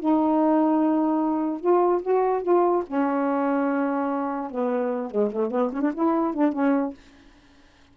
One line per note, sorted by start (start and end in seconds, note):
0.00 1.61 D#4
1.61 2.02 F4
2.02 2.43 F#4
2.43 2.84 F4
2.87 4.51 C#4
4.51 5.11 B3
5.11 5.32 G#3
5.33 5.51 A3
5.51 5.72 B3
5.73 5.82 C#4
5.82 5.92 D4
5.95 6.34 E4
6.34 6.53 D4
6.53 6.94 C#4